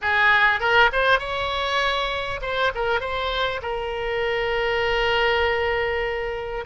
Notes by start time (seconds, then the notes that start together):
0.01 G#4
0.60 A#4
0.92 C5
1.19 C#5
2.41 C5
2.74 A#4
3.00 C5
3.61 A#4